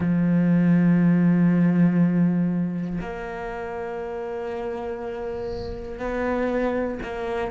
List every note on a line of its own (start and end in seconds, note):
0.00 2.99 F3
3.00 5.99 A#3
5.99 6.99 B3
7.02 7.50 A#3